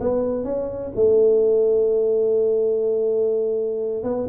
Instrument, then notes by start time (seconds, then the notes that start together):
tuba
0.00 B3
0.44 C#4
0.95 A3
4.03 B3